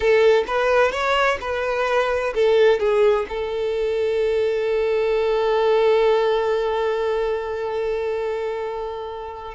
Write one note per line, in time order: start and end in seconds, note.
0.00 0.44 A4
0.47 0.91 B4
0.91 1.38 C#5
1.40 2.33 B4
2.34 2.79 A4
2.79 3.26 G#4
3.28 9.54 A4